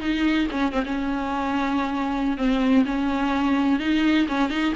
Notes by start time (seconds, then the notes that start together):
0.00 D#4
0.51 C#4
0.72 C4
0.85 C#4
2.37 C4
2.85 C#4
3.79 D#4
4.28 C#4
4.50 D#4